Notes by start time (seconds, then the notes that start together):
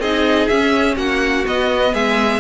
0.00 C4 D#4 G#4 D#5
0.48 C#4 E5
0.96 A#3 F#4 F#5
1.45 B3 D#5
1.93 G#3 G#4 E5